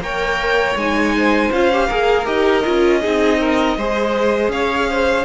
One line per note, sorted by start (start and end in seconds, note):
0.00 0.75 A#3
0.00 0.78 A#4
0.00 1.16 C#5
0.00 0.77 G5
0.75 1.50 G#3
0.75 1.53 D#4
0.75 1.52 G#5
1.17 1.87 C5
1.52 1.90 C#4
1.52 1.72 F4
1.52 2.27 F5
1.73 1.90 G4
1.87 2.27 A#3
1.87 2.26 G#4
1.87 3.00 A#4
2.26 2.65 D#4
2.26 2.63 G4
2.26 4.51 D#5
2.65 3.05 C#4
2.65 3.02 F4
3.02 3.77 C4
3.02 3.78 D#4
3.02 3.39 G#4
3.40 3.77 A#4
3.77 4.49 G#3
3.77 5.25 G#4
3.77 4.53 C5
4.49 5.24 C#4
4.49 4.90 C#5
4.49 5.25 F5
4.90 5.25 C5